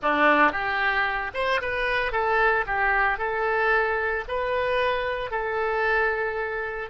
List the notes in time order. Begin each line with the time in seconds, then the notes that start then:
0.02 D4
0.52 G4
1.34 C5
1.61 B4
2.12 A4
2.66 G4
3.18 A4
4.28 B4
5.30 A4